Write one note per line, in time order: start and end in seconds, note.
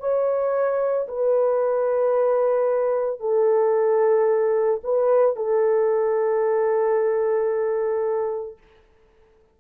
0.00 1.07 C#5
1.08 3.20 B4
3.20 4.81 A4
4.84 5.36 B4
5.36 8.58 A4